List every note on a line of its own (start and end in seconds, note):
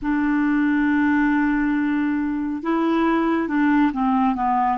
0.02 2.62 D4
2.62 3.48 E4
3.48 3.91 D4
3.92 4.35 C4
4.35 4.78 B3